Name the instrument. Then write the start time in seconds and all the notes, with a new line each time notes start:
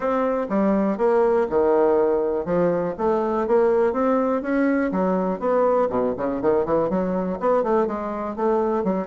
bassoon
0.00 C4
0.49 G3
0.97 A#3
1.49 D#3
2.45 F3
2.98 A3
3.47 A#3
3.92 C4
4.42 C#4
4.91 F#3
5.39 B3
5.89 B2
6.17 C#3
6.41 D#3
6.65 E3
6.89 F#3
7.40 B3
7.63 A3
7.87 G#3
8.35 A3
8.83 F#3